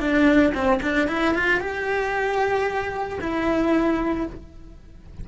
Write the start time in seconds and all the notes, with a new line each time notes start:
0.00 D4
0.54 C4
0.82 D4
1.08 E4
1.34 F4
1.60 G4
3.21 E4